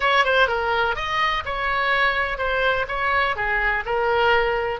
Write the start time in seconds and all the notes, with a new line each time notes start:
0.00 C#5
0.24 C5
0.47 A#4
0.95 D#5
1.45 C#5
2.38 C5
2.88 C#5
3.36 G#4
3.85 A#4